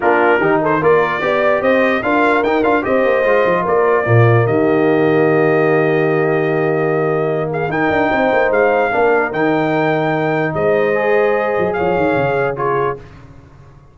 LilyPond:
<<
  \new Staff \with { instrumentName = "trumpet" } { \time 4/4 \tempo 4 = 148 ais'4. c''8 d''2 | dis''4 f''4 g''8 f''8 dis''4~ | dis''4 d''2 dis''4~ | dis''1~ |
dis''2~ dis''8 f''8 g''4~ | g''4 f''2 g''4~ | g''2 dis''2~ | dis''4 f''2 cis''4 | }
  \new Staff \with { instrumentName = "horn" } { \time 4/4 f'4 g'8 a'8 ais'4 d''4 | c''4 ais'2 c''4~ | c''4 ais'4 f'4 g'4~ | g'1~ |
g'2~ g'8 gis'8 ais'4 | c''2 ais'2~ | ais'2 c''2~ | c''4 cis''2 gis'4 | }
  \new Staff \with { instrumentName = "trombone" } { \time 4/4 d'4 dis'4 f'4 g'4~ | g'4 f'4 dis'8 f'8 g'4 | f'2 ais2~ | ais1~ |
ais2. dis'4~ | dis'2 d'4 dis'4~ | dis'2. gis'4~ | gis'2. f'4 | }
  \new Staff \with { instrumentName = "tuba" } { \time 4/4 ais4 dis4 ais4 b4 | c'4 d'4 dis'8 d'8 c'8 ais8 | gis8 f8 ais4 ais,4 dis4~ | dis1~ |
dis2. dis'8 d'8 | c'8 ais8 gis4 ais4 dis4~ | dis2 gis2~ | gis8 fis8 f8 dis8 cis2 | }
>>